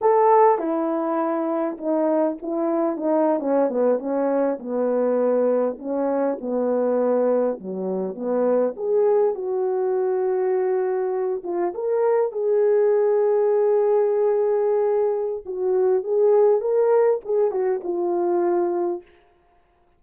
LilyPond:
\new Staff \with { instrumentName = "horn" } { \time 4/4 \tempo 4 = 101 a'4 e'2 dis'4 | e'4 dis'8. cis'8 b8 cis'4 b16~ | b4.~ b16 cis'4 b4~ b16~ | b8. fis4 b4 gis'4 fis'16~ |
fis'2.~ fis'16 f'8 ais'16~ | ais'8. gis'2.~ gis'16~ | gis'2 fis'4 gis'4 | ais'4 gis'8 fis'8 f'2 | }